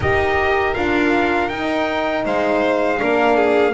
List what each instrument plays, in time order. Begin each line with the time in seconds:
0.00 double bass D#4, horn G4, violin A#4, trumpet D#5
0.73 double bass D4, horn F4, trumpet F5
1.48 double bass D#4, horn D#4, trumpet G5
2.24 double bass G#3, violin C5, trumpet F5
2.98 double bass A#3, horn D4, violin A#4
3.36 violin G#4